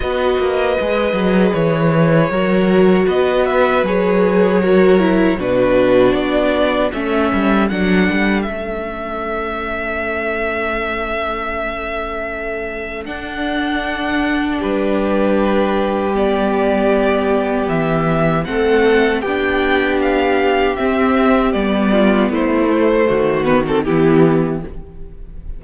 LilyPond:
<<
  \new Staff \with { instrumentName = "violin" } { \time 4/4 \tempo 4 = 78 dis''2 cis''2 | dis''8 e''8 cis''2 b'4 | d''4 e''4 fis''4 e''4~ | e''1~ |
e''4 fis''2 b'4~ | b'4 d''2 e''4 | fis''4 g''4 f''4 e''4 | d''4 c''4. b'16 a'16 g'4 | }
  \new Staff \with { instrumentName = "violin" } { \time 4/4 b'2. ais'4 | b'2 ais'4 fis'4~ | fis'4 a'2.~ | a'1~ |
a'2. g'4~ | g'1 | a'4 g'2.~ | g'8 f'8 e'4 fis'4 e'4 | }
  \new Staff \with { instrumentName = "viola" } { \time 4/4 fis'4 gis'2 fis'4~ | fis'4 gis'4 fis'8 e'8 d'4~ | d'4 cis'4 d'4 cis'4~ | cis'1~ |
cis'4 d'2.~ | d'4 b2. | c'4 d'2 c'4 | b4. a4 b16 c'16 b4 | }
  \new Staff \with { instrumentName = "cello" } { \time 4/4 b8 ais8 gis8 fis8 e4 fis4 | b4 fis2 b,4 | b4 a8 g8 fis8 g8 a4~ | a1~ |
a4 d'2 g4~ | g2. e4 | a4 b2 c'4 | g4 a4 dis4 e4 | }
>>